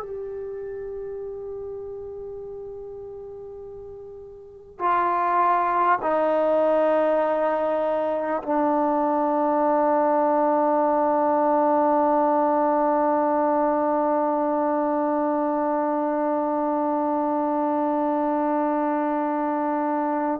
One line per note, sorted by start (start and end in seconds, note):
0.00 4.78 G4
4.78 5.98 F4
6.02 8.42 D#4
8.43 20.40 D4